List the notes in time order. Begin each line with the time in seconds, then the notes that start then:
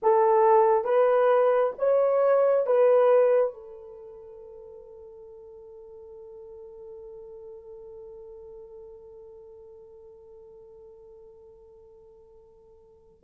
0.02 A4
0.84 B4
1.78 C#5
2.66 B4
3.53 A4